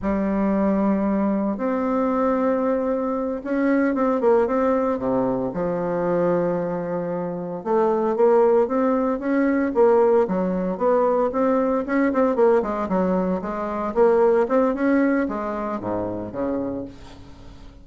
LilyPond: \new Staff \with { instrumentName = "bassoon" } { \time 4/4 \tempo 4 = 114 g2. c'4~ | c'2~ c'8 cis'4 c'8 | ais8 c'4 c4 f4.~ | f2~ f8 a4 ais8~ |
ais8 c'4 cis'4 ais4 fis8~ | fis8 b4 c'4 cis'8 c'8 ais8 | gis8 fis4 gis4 ais4 c'8 | cis'4 gis4 gis,4 cis4 | }